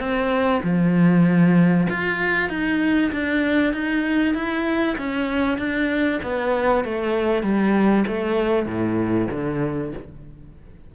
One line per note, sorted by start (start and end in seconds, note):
0.00 0.62 C4
0.64 1.88 F3
1.90 2.50 F4
2.50 3.12 D#4
3.13 3.74 D4
3.74 4.35 D#4
4.35 4.97 E4
4.98 5.59 C#4
5.59 6.21 D4
6.23 6.85 B3
6.85 7.43 A3
7.43 8.05 G3
8.07 8.67 A3
8.67 9.28 A2
9.31 9.93 D3